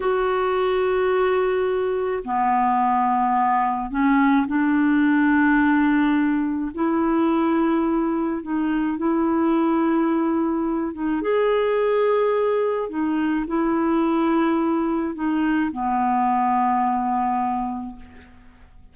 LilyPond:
\new Staff \with { instrumentName = "clarinet" } { \time 4/4 \tempo 4 = 107 fis'1 | b2. cis'4 | d'1 | e'2. dis'4 |
e'2.~ e'8 dis'8 | gis'2. dis'4 | e'2. dis'4 | b1 | }